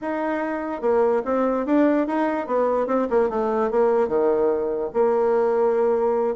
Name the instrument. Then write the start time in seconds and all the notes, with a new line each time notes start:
bassoon
0.01 D#4
0.81 A#3
1.24 C4
1.66 D4
2.07 D#4
2.46 B3
2.87 C4
3.10 A#3
3.29 A3
3.70 A#3
4.08 D#3
4.93 A#3